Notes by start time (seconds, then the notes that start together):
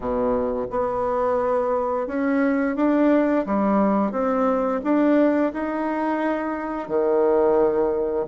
0.00 B2
0.70 B3
2.07 C#4
2.76 D4
3.46 G3
4.11 C4
4.83 D4
5.53 D#4
6.88 D#3